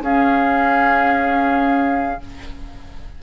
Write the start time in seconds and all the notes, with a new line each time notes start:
0.00 C#4 G#4 F5